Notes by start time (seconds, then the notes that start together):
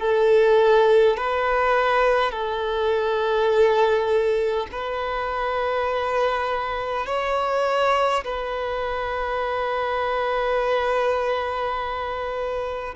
0.00 A4
1.18 B4
2.32 A4
4.72 B4
7.06 C#5
8.25 B4